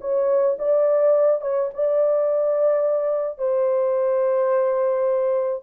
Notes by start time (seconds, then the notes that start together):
0.00 C#5
0.58 D5
1.41 C#5
1.73 D5
3.38 C5